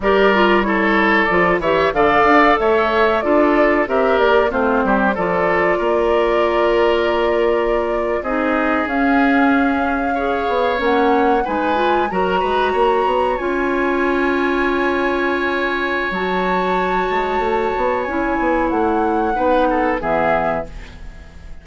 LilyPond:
<<
  \new Staff \with { instrumentName = "flute" } { \time 4/4 \tempo 4 = 93 d''4 cis''4 d''8 e''8 f''4 | e''4 d''4 e''8 d''8 c''4 | d''1~ | d''8. dis''4 f''2~ f''16~ |
f''8. fis''4 gis''4 ais''4~ ais''16~ | ais''8. gis''2.~ gis''16~ | gis''4 a''2. | gis''4 fis''2 e''4 | }
  \new Staff \with { instrumentName = "oboe" } { \time 4/4 ais'4 a'4. cis''8 d''4 | cis''4 a'4 ais'4 f'8 g'8 | a'4 ais'2.~ | ais'8. gis'2. cis''16~ |
cis''4.~ cis''16 b'4 ais'8 b'8 cis''16~ | cis''1~ | cis''1~ | cis''2 b'8 a'8 gis'4 | }
  \new Staff \with { instrumentName = "clarinet" } { \time 4/4 g'8 f'8 e'4 f'8 g'8 a'4~ | a'4 f'4 g'4 c'4 | f'1~ | f'8. dis'4 cis'2 gis'16~ |
gis'8. cis'4 dis'8 f'8 fis'4~ fis'16~ | fis'8. f'2.~ f'16~ | f'4 fis'2. | e'2 dis'4 b4 | }
  \new Staff \with { instrumentName = "bassoon" } { \time 4/4 g2 f8 e8 d8 d'8 | a4 d'4 c'8 ais8 a8 g8 | f4 ais2.~ | ais8. c'4 cis'2~ cis'16~ |
cis'16 b8 ais4 gis4 fis8 gis8 ais16~ | ais16 b8 cis'2.~ cis'16~ | cis'4 fis4. gis8 a8 b8 | cis'8 b8 a4 b4 e4 | }
>>